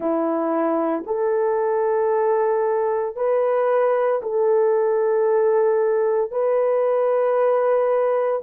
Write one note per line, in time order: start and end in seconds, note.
0.00 1.04 E4
1.06 3.16 A4
3.16 4.21 B4
4.22 6.31 A4
6.31 8.41 B4